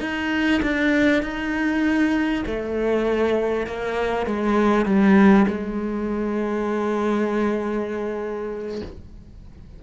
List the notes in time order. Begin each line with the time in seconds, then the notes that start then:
0.00 D#4
0.62 D4
1.22 D#4
2.46 A3
3.66 A#3
4.26 G#3
4.85 G3
5.48 G#3